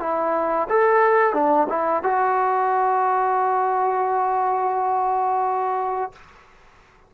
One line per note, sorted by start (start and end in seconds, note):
0.00 0.68 E4
0.69 1.34 A4
1.34 1.68 D4
1.70 2.04 E4
2.04 6.13 F#4